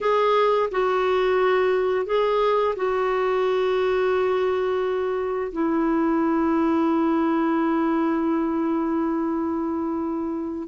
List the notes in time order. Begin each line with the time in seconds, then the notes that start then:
0.00 G#4
0.71 F#4
2.06 G#4
2.76 F#4
5.52 E4